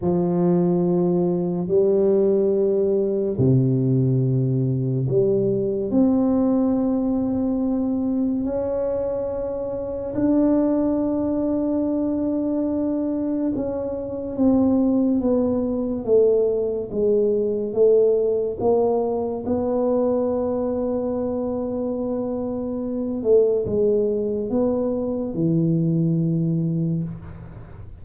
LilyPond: \new Staff \with { instrumentName = "tuba" } { \time 4/4 \tempo 4 = 71 f2 g2 | c2 g4 c'4~ | c'2 cis'2 | d'1 |
cis'4 c'4 b4 a4 | gis4 a4 ais4 b4~ | b2.~ b8 a8 | gis4 b4 e2 | }